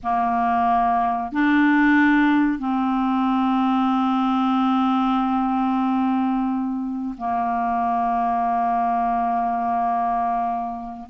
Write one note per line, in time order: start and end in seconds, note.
0.03 1.32 A#3
1.32 2.58 D4
2.58 7.15 C4
7.17 11.09 A#3